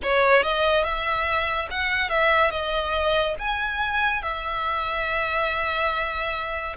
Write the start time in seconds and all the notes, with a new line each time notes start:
0.02 C#5
0.42 D#5
0.84 E5
1.70 F#5
2.09 E5
2.50 D#5
3.38 G#5
4.22 E5